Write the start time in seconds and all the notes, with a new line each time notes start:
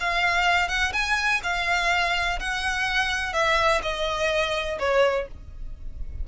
0.00 F5
0.69 F#5
0.93 G#5
1.43 F5
2.40 F#5
3.34 E5
3.83 D#5
4.80 C#5